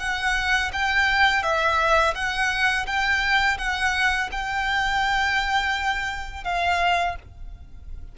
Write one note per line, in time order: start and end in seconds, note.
0.00 0.71 F#5
0.73 1.43 G5
1.43 2.14 E5
2.15 2.86 F#5
2.86 3.58 G5
3.58 4.30 F#5
4.31 6.44 G5
6.44 7.16 F5